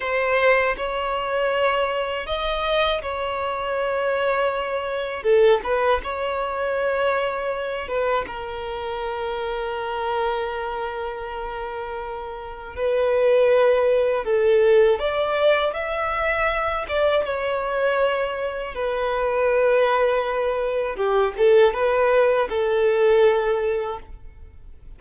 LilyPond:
\new Staff \with { instrumentName = "violin" } { \time 4/4 \tempo 4 = 80 c''4 cis''2 dis''4 | cis''2. a'8 b'8 | cis''2~ cis''8 b'8 ais'4~ | ais'1~ |
ais'4 b'2 a'4 | d''4 e''4. d''8 cis''4~ | cis''4 b'2. | g'8 a'8 b'4 a'2 | }